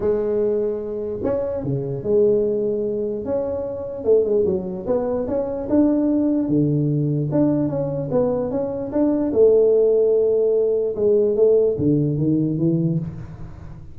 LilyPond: \new Staff \with { instrumentName = "tuba" } { \time 4/4 \tempo 4 = 148 gis2. cis'4 | cis4 gis2. | cis'2 a8 gis8 fis4 | b4 cis'4 d'2 |
d2 d'4 cis'4 | b4 cis'4 d'4 a4~ | a2. gis4 | a4 d4 dis4 e4 | }